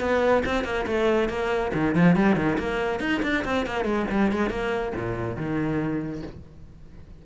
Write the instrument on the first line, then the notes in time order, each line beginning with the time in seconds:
cello
0.00 B3
0.45 C4
0.64 A#3
0.86 A3
1.29 A#3
1.74 D#3
1.95 F3
2.16 G3
2.36 D#3
2.58 A#3
3.00 D#4
3.23 D4
3.45 C4
3.66 A#3
3.85 G#3
4.11 G3
4.32 G#3
4.50 A#3
4.96 A#2
5.36 D#3